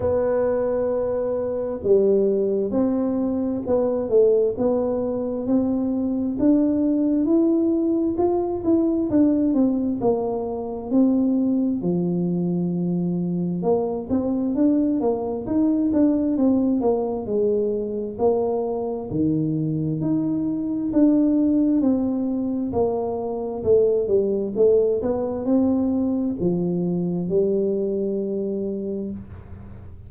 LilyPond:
\new Staff \with { instrumentName = "tuba" } { \time 4/4 \tempo 4 = 66 b2 g4 c'4 | b8 a8 b4 c'4 d'4 | e'4 f'8 e'8 d'8 c'8 ais4 | c'4 f2 ais8 c'8 |
d'8 ais8 dis'8 d'8 c'8 ais8 gis4 | ais4 dis4 dis'4 d'4 | c'4 ais4 a8 g8 a8 b8 | c'4 f4 g2 | }